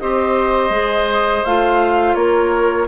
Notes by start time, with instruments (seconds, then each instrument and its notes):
0.00 bassoon C4, clarinet G4, oboe C5, flute D#5
0.70 bassoon G#3, clarinet G#4
1.44 bassoon A3, clarinet F4, flute F5
2.15 bassoon A#3, oboe A#4, flute C#5